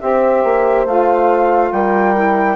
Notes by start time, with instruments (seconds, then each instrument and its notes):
0.00 bassoon C4, saxophone G4, horn C5, flute E5
0.44 bassoon A#3
0.85 bassoon A3, saxophone F4, flute F5
1.72 bassoon G3, horn A#4, flute G5
2.15 saxophone E4